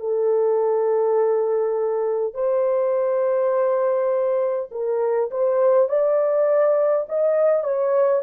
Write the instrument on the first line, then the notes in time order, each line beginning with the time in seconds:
horn
0.00 A4
2.34 C5
4.71 A#4
5.30 C5
5.89 D5
7.09 D#5
7.64 C#5